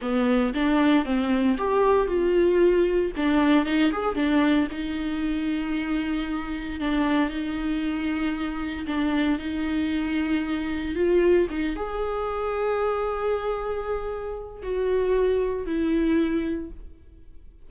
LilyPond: \new Staff \with { instrumentName = "viola" } { \time 4/4 \tempo 4 = 115 b4 d'4 c'4 g'4 | f'2 d'4 dis'8 gis'8 | d'4 dis'2.~ | dis'4 d'4 dis'2~ |
dis'4 d'4 dis'2~ | dis'4 f'4 dis'8 gis'4.~ | gis'1 | fis'2 e'2 | }